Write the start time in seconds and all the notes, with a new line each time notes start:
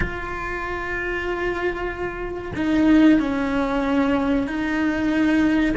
0.00 F4
2.55 D#4
3.19 C#4
4.47 D#4